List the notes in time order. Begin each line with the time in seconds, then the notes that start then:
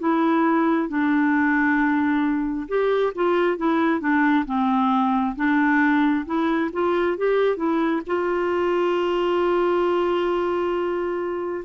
0.00 E4
0.89 D4
2.69 G4
3.15 F4
3.58 E4
4.01 D4
4.47 C4
5.36 D4
6.26 E4
6.73 F4
7.18 G4
7.57 E4
8.07 F4